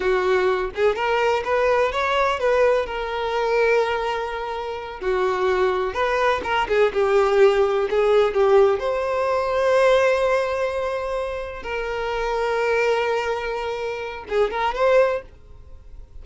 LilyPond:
\new Staff \with { instrumentName = "violin" } { \time 4/4 \tempo 4 = 126 fis'4. gis'8 ais'4 b'4 | cis''4 b'4 ais'2~ | ais'2~ ais'8 fis'4.~ | fis'8 b'4 ais'8 gis'8 g'4.~ |
g'8 gis'4 g'4 c''4.~ | c''1~ | c''8 ais'2.~ ais'8~ | ais'2 gis'8 ais'8 c''4 | }